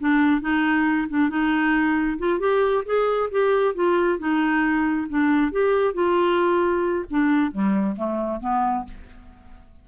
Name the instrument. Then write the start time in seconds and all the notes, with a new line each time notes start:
clarinet
0.00 D4
0.41 D#4
1.09 D4
1.30 D#4
2.19 F4
2.40 G4
2.85 G#4
3.31 G4
3.75 F4
4.19 D#4
5.09 D4
5.52 G4
5.94 F4
7.10 D4
7.52 G3
7.96 A3
8.40 B3